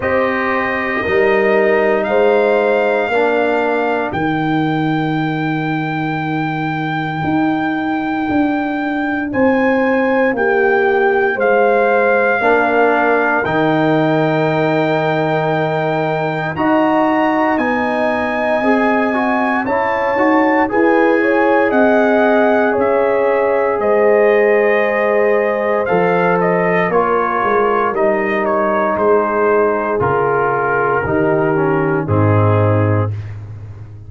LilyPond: <<
  \new Staff \with { instrumentName = "trumpet" } { \time 4/4 \tempo 4 = 58 dis''2 f''2 | g''1~ | g''4 gis''4 g''4 f''4~ | f''4 g''2. |
ais''4 gis''2 a''4 | gis''4 fis''4 e''4 dis''4~ | dis''4 f''8 dis''8 cis''4 dis''8 cis''8 | c''4 ais'2 gis'4 | }
  \new Staff \with { instrumentName = "horn" } { \time 4/4 c''4 ais'4 c''4 ais'4~ | ais'1~ | ais'4 c''4 g'4 c''4 | ais'1 |
dis''2. cis''4 | b'8 cis''8 dis''4 cis''4 c''4~ | c''2 ais'2 | gis'2 g'4 dis'4 | }
  \new Staff \with { instrumentName = "trombone" } { \time 4/4 g'4 dis'2 d'4 | dis'1~ | dis'1 | d'4 dis'2. |
fis'4 dis'4 gis'8 fis'8 e'8 fis'8 | gis'1~ | gis'4 a'4 f'4 dis'4~ | dis'4 f'4 dis'8 cis'8 c'4 | }
  \new Staff \with { instrumentName = "tuba" } { \time 4/4 c'4 g4 gis4 ais4 | dis2. dis'4 | d'4 c'4 ais4 gis4 | ais4 dis2. |
dis'4 b4 c'4 cis'8 dis'8 | e'4 c'4 cis'4 gis4~ | gis4 f4 ais8 gis8 g4 | gis4 cis4 dis4 gis,4 | }
>>